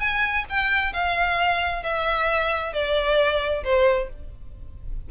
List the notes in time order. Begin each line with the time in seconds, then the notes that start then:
0.00 G#5
0.49 G5
0.93 F5
1.83 E5
2.73 D5
3.64 C5